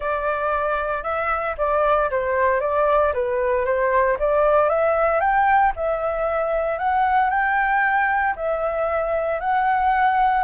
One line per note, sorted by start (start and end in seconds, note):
0.00 1.03 D5
1.03 1.55 E5
1.57 2.09 D5
2.10 2.60 C5
2.60 3.12 D5
3.13 3.65 B4
3.65 4.17 C5
4.19 4.69 D5
4.69 5.20 E5
5.20 5.72 G5
5.76 6.78 E5
6.78 7.29 F#5
7.29 8.34 G5
8.36 9.40 E5
9.40 10.44 F#5